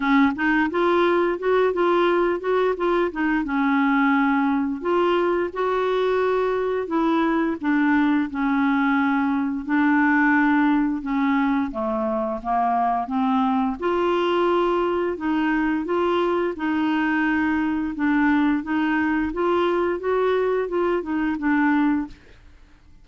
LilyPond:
\new Staff \with { instrumentName = "clarinet" } { \time 4/4 \tempo 4 = 87 cis'8 dis'8 f'4 fis'8 f'4 fis'8 | f'8 dis'8 cis'2 f'4 | fis'2 e'4 d'4 | cis'2 d'2 |
cis'4 a4 ais4 c'4 | f'2 dis'4 f'4 | dis'2 d'4 dis'4 | f'4 fis'4 f'8 dis'8 d'4 | }